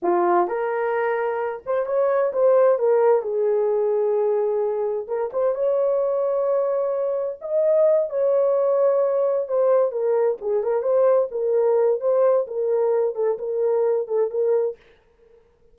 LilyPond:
\new Staff \with { instrumentName = "horn" } { \time 4/4 \tempo 4 = 130 f'4 ais'2~ ais'8 c''8 | cis''4 c''4 ais'4 gis'4~ | gis'2. ais'8 c''8 | cis''1 |
dis''4. cis''2~ cis''8~ | cis''8 c''4 ais'4 gis'8 ais'8 c''8~ | c''8 ais'4. c''4 ais'4~ | ais'8 a'8 ais'4. a'8 ais'4 | }